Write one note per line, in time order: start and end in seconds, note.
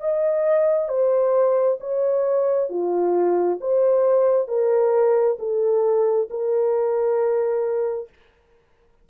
0.00 0.88 D#5
0.88 1.78 C5
1.80 2.69 C#5
2.69 3.59 F4
3.60 4.47 C5
4.47 5.37 A#4
5.39 6.28 A4
6.30 8.09 A#4